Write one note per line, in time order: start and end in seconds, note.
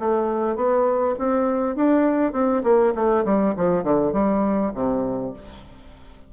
0.00 0.56 A3
0.56 1.16 B3
1.19 1.76 C4
1.76 2.33 D4
2.33 2.63 C4
2.64 2.94 A#3
2.95 3.25 A3
3.25 3.55 G3
3.57 3.84 F3
3.84 4.13 D3
4.13 4.73 G3
4.74 5.33 C3